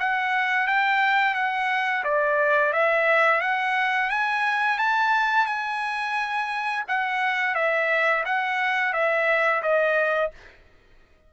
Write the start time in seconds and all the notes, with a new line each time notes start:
0.00 F#5
0.67 G5
1.35 F#5
2.04 D5
2.73 E5
3.41 F#5
4.10 G#5
4.79 A5
5.46 G#5
6.88 F#5
7.55 E5
8.25 F#5
8.93 E5
9.63 D#5